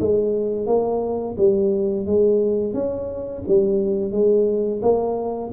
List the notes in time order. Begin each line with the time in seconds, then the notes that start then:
0.00 G#3
0.66 A#3
1.37 G3
2.05 G#3
2.73 C#4
3.47 G3
4.11 G#3
4.82 A#3